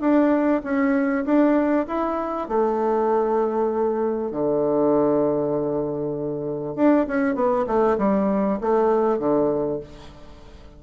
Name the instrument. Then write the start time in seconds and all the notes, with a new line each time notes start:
bassoon
0.00 D4
0.63 C#4
1.25 D4
1.87 E4
2.48 A3
4.31 D3
6.75 D4
7.07 C#4
7.35 B3
7.66 A3
7.98 G3
8.60 A3
9.18 D3